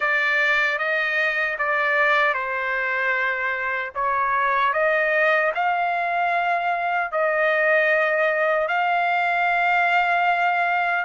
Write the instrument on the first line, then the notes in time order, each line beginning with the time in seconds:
trumpet
0.00 D5
0.78 D#5
1.58 D5
2.34 C5
3.95 C#5
4.73 D#5
5.54 F5
7.11 D#5
8.68 F5